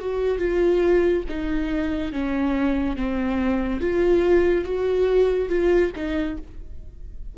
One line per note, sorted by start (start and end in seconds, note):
0.00 0.38 F#4
0.38 1.23 F4
1.29 2.12 D#4
2.12 2.97 C#4
2.97 3.81 C4
3.81 4.65 F4
4.65 5.49 F#4
5.49 5.92 F4
5.95 6.38 D#4